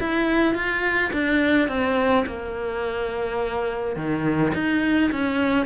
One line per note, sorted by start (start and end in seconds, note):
0.00 0.54 E4
0.54 1.11 F4
1.13 1.69 D4
1.69 2.25 C4
2.27 3.96 A#3
3.96 4.52 D#3
4.54 5.11 D#4
5.11 5.66 C#4